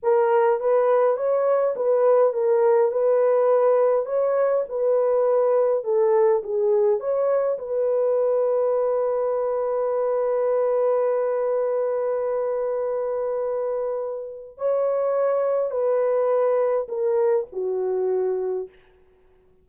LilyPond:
\new Staff \with { instrumentName = "horn" } { \time 4/4 \tempo 4 = 103 ais'4 b'4 cis''4 b'4 | ais'4 b'2 cis''4 | b'2 a'4 gis'4 | cis''4 b'2.~ |
b'1~ | b'1~ | b'4 cis''2 b'4~ | b'4 ais'4 fis'2 | }